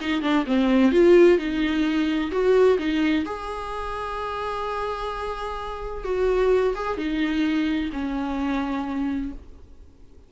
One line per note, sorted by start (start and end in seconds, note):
0.00 0.22 D#4
0.22 0.45 D4
0.46 0.92 C4
0.92 1.38 F4
1.38 2.31 D#4
2.31 2.78 F#4
2.78 3.25 D#4
3.25 6.04 G#4
6.04 6.74 F#4
6.75 6.97 G#4
6.97 7.90 D#4
7.92 9.32 C#4